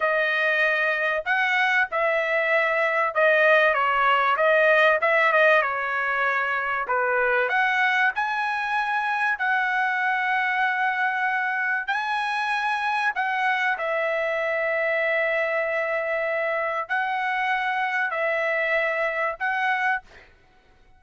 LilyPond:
\new Staff \with { instrumentName = "trumpet" } { \time 4/4 \tempo 4 = 96 dis''2 fis''4 e''4~ | e''4 dis''4 cis''4 dis''4 | e''8 dis''8 cis''2 b'4 | fis''4 gis''2 fis''4~ |
fis''2. gis''4~ | gis''4 fis''4 e''2~ | e''2. fis''4~ | fis''4 e''2 fis''4 | }